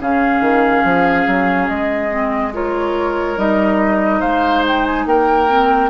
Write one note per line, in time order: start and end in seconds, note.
0.00 0.40 C#3
0.00 2.10 C#4
0.00 2.54 G#4
0.00 1.68 F5
0.40 0.83 D#3
0.84 1.26 F3
1.27 1.69 F#3
1.68 3.37 G#3
1.68 2.53 D#5
2.10 2.52 C4
2.53 3.37 F4
2.53 4.19 A#4
2.53 3.38 C#5
3.37 4.22 G3
3.37 5.48 D#4
3.37 4.21 D#5
4.19 5.06 G#3
4.19 5.04 C5
4.19 4.63 F5
4.67 4.86 G5
4.86 5.07 G#5
5.06 5.90 A#3
5.06 5.90 A#4
5.06 5.90 G5
5.48 5.90 C4